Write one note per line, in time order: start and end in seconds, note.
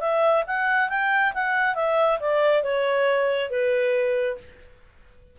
0.00 0.44 E5
0.47 0.89 F#5
0.89 1.33 G5
1.34 1.75 F#5
1.75 2.19 E5
2.20 2.63 D5
2.63 3.50 C#5
3.50 4.38 B4